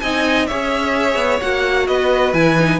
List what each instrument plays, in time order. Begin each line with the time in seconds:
0.00 cello C4, viola D#4, violin D#5 G#5
0.47 cello C#4, viola G#4, violin C#5 E5
1.16 cello B3
1.41 cello A#3, viola F#4, violin F#5
1.88 cello B3, violin B4 D#5
2.34 cello E3, viola E4, violin G#5
2.60 viola D#4